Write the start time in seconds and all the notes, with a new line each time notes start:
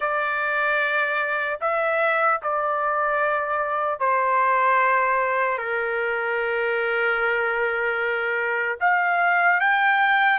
0.00 D5
1.60 E5
2.42 D5
3.99 C5
5.57 A#4
8.80 F5
9.60 G5